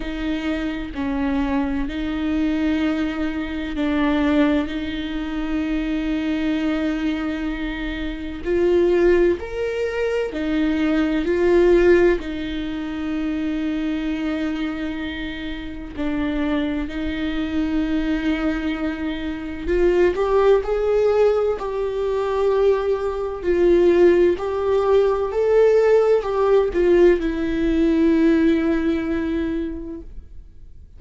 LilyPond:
\new Staff \with { instrumentName = "viola" } { \time 4/4 \tempo 4 = 64 dis'4 cis'4 dis'2 | d'4 dis'2.~ | dis'4 f'4 ais'4 dis'4 | f'4 dis'2.~ |
dis'4 d'4 dis'2~ | dis'4 f'8 g'8 gis'4 g'4~ | g'4 f'4 g'4 a'4 | g'8 f'8 e'2. | }